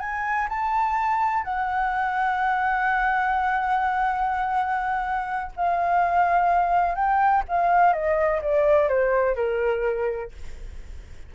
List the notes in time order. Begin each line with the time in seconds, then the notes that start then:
0.00 G#5
0.50 A5
1.44 F#5
5.57 F5
6.95 G5
7.49 F5
7.94 D#5
8.42 D5
8.89 C5
9.36 A#4